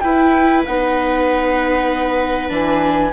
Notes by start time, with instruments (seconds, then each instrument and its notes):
0.00 bassoon E4, viola E4 B4, flute G5
0.65 bassoon B3, viola D#4, flute F#5
2.49 bassoon E3, viola D4, flute G#5